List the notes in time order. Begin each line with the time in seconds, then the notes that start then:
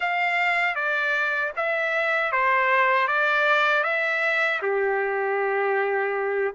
0.00 F5
0.75 D5
1.56 E5
2.31 C5
3.07 D5
3.83 E5
4.62 G4